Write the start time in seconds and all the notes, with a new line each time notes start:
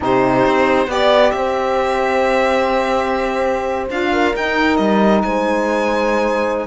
0.00 C3 D#4 G4 C5
0.45 C4
0.87 B3 G4 D5
1.31 C4 C5 E5
3.90 D4 F4 F5
4.12 A#4
4.34 D#4 G5
4.77 G3 D#5
5.22 G#3 C5 G#5